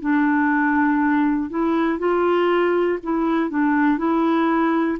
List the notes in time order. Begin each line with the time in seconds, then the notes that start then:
0.00 D4
1.49 E4
1.99 F4
3.03 E4
3.50 D4
3.98 E4